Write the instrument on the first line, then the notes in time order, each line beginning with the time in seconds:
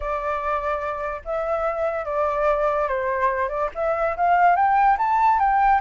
flute
0.00 D5
1.25 E5
2.05 D5
2.88 C5
3.48 D5
3.74 E5
4.16 F5
4.55 G5
4.97 A5
5.39 G5